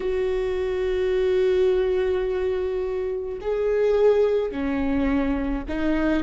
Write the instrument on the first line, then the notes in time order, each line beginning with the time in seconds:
viola
0.00 F#4
3.41 G#4
4.51 C#4
5.68 D#4